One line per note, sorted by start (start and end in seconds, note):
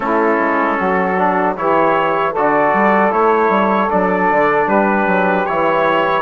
0.00 0.37 A3
0.00 1.16 C#4
0.00 0.77 E4
0.00 1.56 A4
0.39 0.78 G#3
0.77 1.57 F#3
0.77 1.55 F#4
1.16 1.55 D4
1.56 2.35 E3
1.56 2.34 E4
1.56 2.31 G4
1.56 2.34 C#5
2.31 2.73 D3
2.31 3.10 F#4
2.31 4.65 A4
2.31 3.12 D5
2.73 3.12 G3
3.10 3.49 A3
3.10 3.88 E4
3.10 3.90 C#5
3.49 3.88 G3
3.89 4.31 F#3
3.89 5.45 D4
3.89 4.68 D5
4.31 4.67 D3
4.65 5.06 G3
4.65 6.21 G4
4.65 5.46 B4
5.06 5.45 F#3
5.46 6.22 E3
5.46 6.22 E4
5.46 6.22 C#5